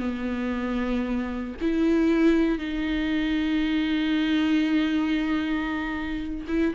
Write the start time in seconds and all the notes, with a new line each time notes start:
0.00 B3
1.61 E4
2.59 D#4
6.48 E4